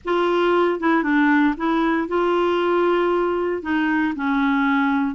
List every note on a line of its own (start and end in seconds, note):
0.04 0.80 F4
0.80 1.03 E4
1.03 1.54 D4
1.57 2.08 E4
2.08 3.62 F4
3.62 4.14 D#4
4.15 5.15 C#4